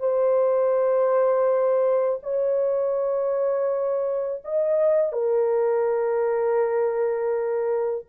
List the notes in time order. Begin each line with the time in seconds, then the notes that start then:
0.00 C5
2.23 C#5
4.45 D#5
5.13 A#4